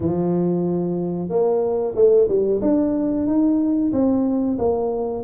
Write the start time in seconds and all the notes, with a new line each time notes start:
0.00 F3
1.29 A#3
1.95 A3
2.28 G3
2.61 D4
3.26 D#4
3.92 C4
4.58 A#3